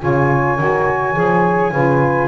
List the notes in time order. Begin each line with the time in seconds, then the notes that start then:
0.00 C#3 F4 C#5 G#5
0.59 D#3 F#4
1.14 F3 G#4
1.72 C#3 F4 B4